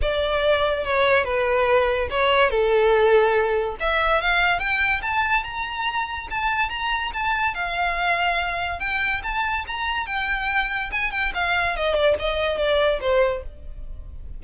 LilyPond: \new Staff \with { instrumentName = "violin" } { \time 4/4 \tempo 4 = 143 d''2 cis''4 b'4~ | b'4 cis''4 a'2~ | a'4 e''4 f''4 g''4 | a''4 ais''2 a''4 |
ais''4 a''4 f''2~ | f''4 g''4 a''4 ais''4 | g''2 gis''8 g''8 f''4 | dis''8 d''8 dis''4 d''4 c''4 | }